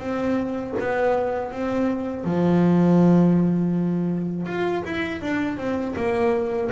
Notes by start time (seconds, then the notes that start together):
0.00 C4
0.80 B3
1.53 C4
2.25 F3
4.47 F4
4.85 E4
5.22 D4
5.58 C4
5.97 A#3